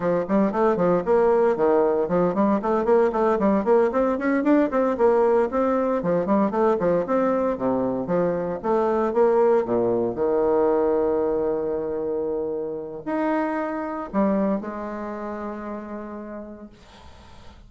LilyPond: \new Staff \with { instrumentName = "bassoon" } { \time 4/4 \tempo 4 = 115 f8 g8 a8 f8 ais4 dis4 | f8 g8 a8 ais8 a8 g8 ais8 c'8 | cis'8 d'8 c'8 ais4 c'4 f8 | g8 a8 f8 c'4 c4 f8~ |
f8 a4 ais4 ais,4 dis8~ | dis1~ | dis4 dis'2 g4 | gis1 | }